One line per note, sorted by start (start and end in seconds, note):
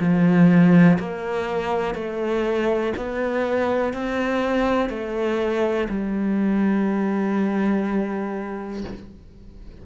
0.00 0.98 F3
0.99 1.95 A#3
1.95 2.93 A3
2.97 3.94 B3
3.94 4.90 C4
4.90 5.88 A3
5.89 8.84 G3